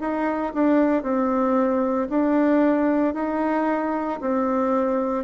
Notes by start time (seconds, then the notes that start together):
0.00 D#4
0.54 D4
1.02 C4
2.10 D4
3.14 D#4
4.21 C4